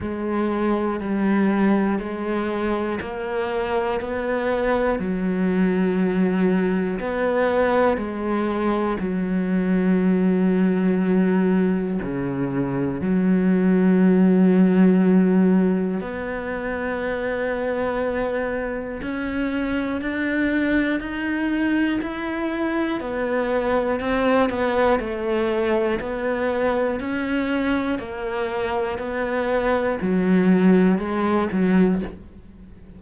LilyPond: \new Staff \with { instrumentName = "cello" } { \time 4/4 \tempo 4 = 60 gis4 g4 gis4 ais4 | b4 fis2 b4 | gis4 fis2. | cis4 fis2. |
b2. cis'4 | d'4 dis'4 e'4 b4 | c'8 b8 a4 b4 cis'4 | ais4 b4 fis4 gis8 fis8 | }